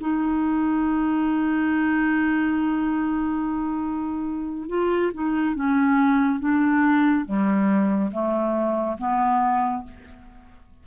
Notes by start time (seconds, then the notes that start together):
0.00 D#4
4.68 F4
5.14 D#4
5.55 C#4
6.39 D4
7.25 G3
8.11 A3
8.98 B3